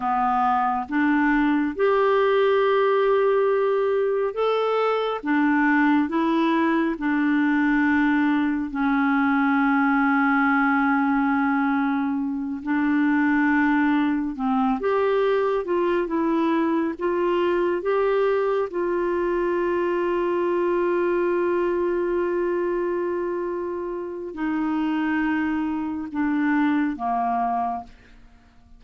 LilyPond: \new Staff \with { instrumentName = "clarinet" } { \time 4/4 \tempo 4 = 69 b4 d'4 g'2~ | g'4 a'4 d'4 e'4 | d'2 cis'2~ | cis'2~ cis'8 d'4.~ |
d'8 c'8 g'4 f'8 e'4 f'8~ | f'8 g'4 f'2~ f'8~ | f'1 | dis'2 d'4 ais4 | }